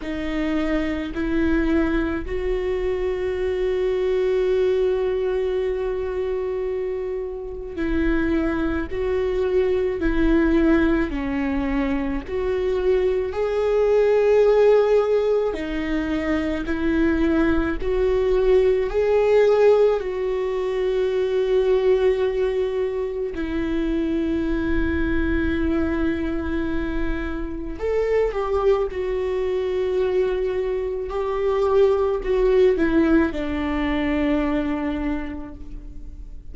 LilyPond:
\new Staff \with { instrumentName = "viola" } { \time 4/4 \tempo 4 = 54 dis'4 e'4 fis'2~ | fis'2. e'4 | fis'4 e'4 cis'4 fis'4 | gis'2 dis'4 e'4 |
fis'4 gis'4 fis'2~ | fis'4 e'2.~ | e'4 a'8 g'8 fis'2 | g'4 fis'8 e'8 d'2 | }